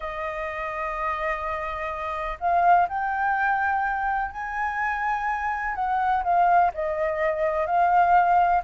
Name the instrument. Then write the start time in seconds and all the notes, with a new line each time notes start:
flute
0.00 D#5
2.40 F5
2.88 G5
4.31 G#5
5.75 F#5
6.23 F5
6.74 D#5
7.66 F5